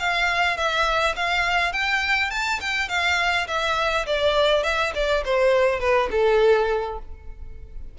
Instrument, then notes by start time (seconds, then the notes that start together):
violin
0.00 F5
0.57 E5
1.16 F5
1.73 G5
2.31 A5
2.61 G5
2.89 F5
3.48 E5
4.07 D5
4.64 E5
4.95 D5
5.26 C5
5.80 B4
6.12 A4